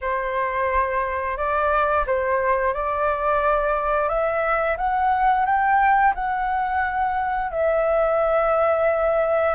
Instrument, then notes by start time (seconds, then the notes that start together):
flute
0.01 C5
1.37 D5
2.06 C5
2.73 D5
4.08 E5
4.77 F#5
5.45 G5
6.15 F#5
7.51 E5